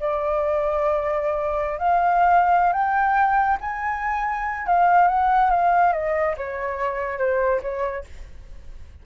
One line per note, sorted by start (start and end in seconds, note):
0.00 1.79 D5
1.79 2.73 F5
2.73 3.58 G5
3.61 4.67 G#5
4.67 5.08 F5
5.08 5.50 F#5
5.50 5.93 F5
5.93 6.35 D#5
6.37 7.19 C#5
7.19 7.61 C5
7.62 8.04 C#5